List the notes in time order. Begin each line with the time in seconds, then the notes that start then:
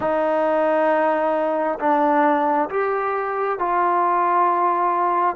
0.00 D#4
1.79 D4
2.69 G4
3.58 F4